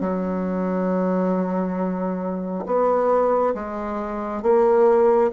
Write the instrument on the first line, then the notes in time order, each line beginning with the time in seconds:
bassoon
0.00 F#3
2.66 B3
3.54 G#3
4.42 A#3